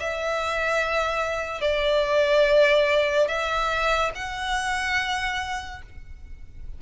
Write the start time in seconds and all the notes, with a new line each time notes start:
0.00 E5
1.61 D5
3.28 E5
4.15 F#5